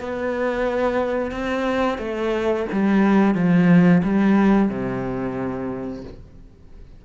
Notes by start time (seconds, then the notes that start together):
0.00 B3
1.31 C4
1.98 A3
2.72 G3
3.34 F3
4.03 G3
4.69 C3